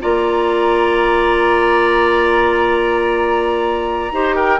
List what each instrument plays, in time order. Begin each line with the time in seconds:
0.00 bassoon A#3, clarinet F4, oboe D5, flute A#5
4.11 bassoon D#4, clarinet G4, oboe C5
4.35 oboe A#4, flute G5